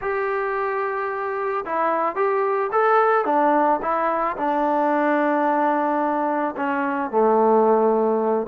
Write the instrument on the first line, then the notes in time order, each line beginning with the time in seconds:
trombone
0.01 G4
1.65 E4
2.15 G4
2.71 A4
3.25 D4
3.82 E4
4.37 D4
6.56 C#4
7.10 A3